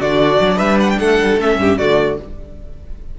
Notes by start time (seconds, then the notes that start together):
0.00 D3 D4 F#4 D5
0.41 F#3
0.57 G3 B4 E5
0.81 F#5
0.90 G5
1.00 A3 A4 F#5
1.20 G3
1.37 A3 C#4 E5
1.58 G2 G4
1.78 D3 A3 F#4 D5